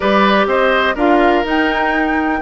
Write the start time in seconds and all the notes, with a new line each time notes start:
0.00 G3 G4 B4 D5
0.46 C4 C5 D#5
0.94 D4 F4 A#4 F5
1.44 D#4 G5